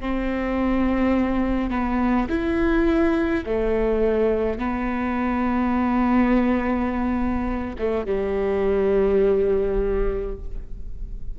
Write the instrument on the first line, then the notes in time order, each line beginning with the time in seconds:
viola
0.00 C4
1.70 B3
2.29 E4
3.45 A3
4.58 B3
7.78 A3
8.06 G3